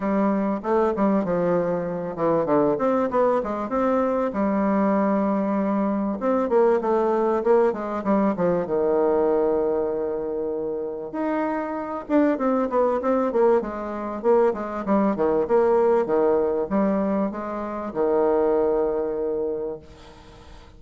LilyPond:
\new Staff \with { instrumentName = "bassoon" } { \time 4/4 \tempo 4 = 97 g4 a8 g8 f4. e8 | d8 c'8 b8 gis8 c'4 g4~ | g2 c'8 ais8 a4 | ais8 gis8 g8 f8 dis2~ |
dis2 dis'4. d'8 | c'8 b8 c'8 ais8 gis4 ais8 gis8 | g8 dis8 ais4 dis4 g4 | gis4 dis2. | }